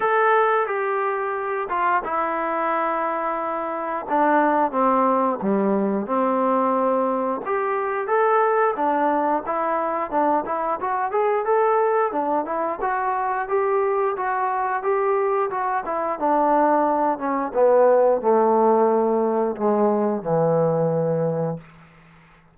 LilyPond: \new Staff \with { instrumentName = "trombone" } { \time 4/4 \tempo 4 = 89 a'4 g'4. f'8 e'4~ | e'2 d'4 c'4 | g4 c'2 g'4 | a'4 d'4 e'4 d'8 e'8 |
fis'8 gis'8 a'4 d'8 e'8 fis'4 | g'4 fis'4 g'4 fis'8 e'8 | d'4. cis'8 b4 a4~ | a4 gis4 e2 | }